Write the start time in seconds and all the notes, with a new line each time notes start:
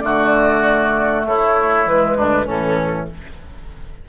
0.00 D3 A3 F#4 D5
1.26 A3 E4 C#5
1.86 E3 G#3 B4
2.16 D2 D4
2.46 A2 E3 C#4 A4